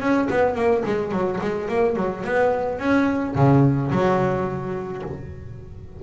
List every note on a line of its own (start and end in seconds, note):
0.00 0.28 C#4
0.30 0.55 B3
0.55 0.83 A#3
0.85 1.11 G#3
1.11 1.39 F#3
1.40 1.68 G#3
1.68 1.96 A#3
1.96 2.23 F#3
2.24 2.79 B3
2.79 3.34 C#4
3.35 3.90 C#3
3.91 5.02 F#3